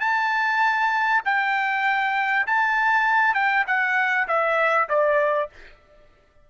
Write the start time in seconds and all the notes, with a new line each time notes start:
0.00 A5
1.25 G5
2.46 A5
3.34 G5
3.67 F#5
4.28 E5
4.88 D5